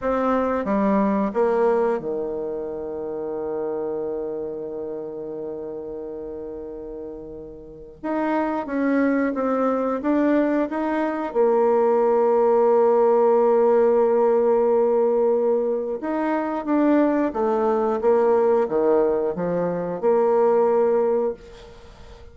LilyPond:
\new Staff \with { instrumentName = "bassoon" } { \time 4/4 \tempo 4 = 90 c'4 g4 ais4 dis4~ | dis1~ | dis1 | dis'4 cis'4 c'4 d'4 |
dis'4 ais2.~ | ais1 | dis'4 d'4 a4 ais4 | dis4 f4 ais2 | }